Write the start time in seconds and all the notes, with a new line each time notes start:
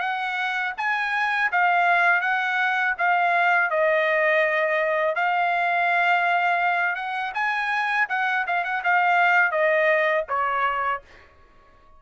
0.00 F#5
0.77 G#5
1.52 F5
2.22 F#5
2.98 F5
3.71 D#5
5.16 F5
6.96 F#5
7.34 G#5
8.10 F#5
8.47 F5
8.64 F#5
8.84 F5
9.52 D#5
10.29 C#5